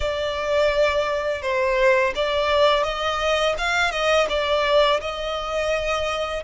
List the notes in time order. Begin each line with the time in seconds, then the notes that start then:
0.00 D5
1.42 C5
2.15 D5
2.83 D#5
3.57 F5
3.91 D#5
4.29 D5
5.00 D#5